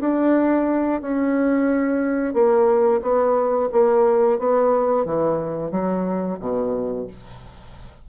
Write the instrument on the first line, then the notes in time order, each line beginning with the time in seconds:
bassoon
0.00 D4
1.01 C#4
2.34 A#3
3.02 B3
3.72 A#3
4.39 B3
5.05 E3
5.72 F#3
6.40 B2